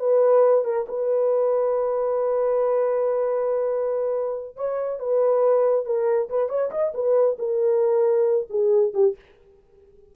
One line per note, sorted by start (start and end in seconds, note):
0.00 0.65 B4
0.65 0.87 A#4
0.89 4.57 B4
4.57 5.00 C#5
5.00 5.86 B4
5.86 6.30 A#4
6.30 6.49 B4
6.49 6.71 C#5
6.72 6.93 D#5
6.95 7.38 B4
7.39 8.48 A#4
8.50 8.94 G#4
8.94 9.16 G4